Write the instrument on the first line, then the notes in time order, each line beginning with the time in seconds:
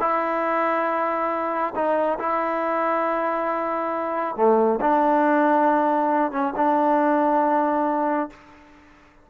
trombone
0.00 E4
1.75 D#4
2.19 E4
4.36 A3
4.81 D4
6.32 C#4
6.56 D4